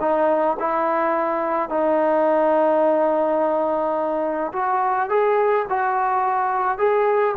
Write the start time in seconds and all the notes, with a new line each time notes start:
0.00 D#4
0.59 E4
1.69 D#4
4.53 F#4
5.09 G#4
5.69 F#4
6.78 G#4